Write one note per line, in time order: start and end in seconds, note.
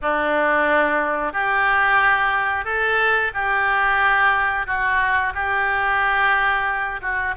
0.02 1.32 D4
1.32 2.65 G4
2.65 3.31 A4
3.34 4.66 G4
4.66 5.33 F#4
5.34 7.01 G4
7.01 7.35 F#4